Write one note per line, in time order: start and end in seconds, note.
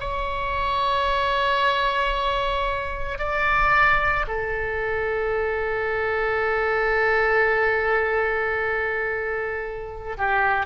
0.00 3.19 C#5
3.19 4.26 D5
4.28 10.17 A4
10.18 10.66 G4